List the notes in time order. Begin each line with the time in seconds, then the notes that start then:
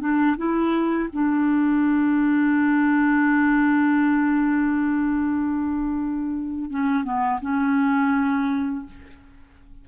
0.00 D4
0.37 E4
1.13 D4
6.70 C#4
7.04 B3
7.41 C#4